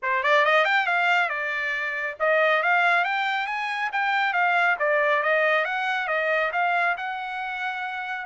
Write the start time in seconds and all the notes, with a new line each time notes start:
0.02 C5
0.23 D5
0.45 D#5
0.64 G5
0.86 F5
1.29 D5
2.19 D#5
2.62 F5
3.04 G5
3.46 G#5
3.92 G5
4.33 F5
4.79 D5
5.23 D#5
5.65 F#5
6.07 D#5
6.52 F5
6.97 F#5